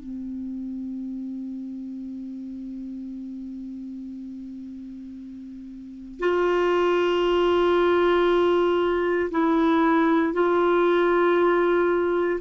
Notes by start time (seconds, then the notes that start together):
0.00 C4
6.20 F4
9.32 E4
10.34 F4